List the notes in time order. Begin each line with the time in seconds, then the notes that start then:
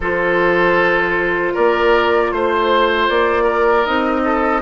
0.00 F3 F4 A4 C5
1.53 A#3 A#4 D5
2.31 A3 C5
3.09 A#3 D5
3.43 A#4
3.85 C4 D#4 D#5
4.24 A4